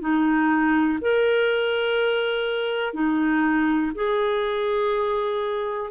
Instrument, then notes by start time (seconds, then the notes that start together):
clarinet
0.00 D#4
1.01 A#4
2.93 D#4
3.94 G#4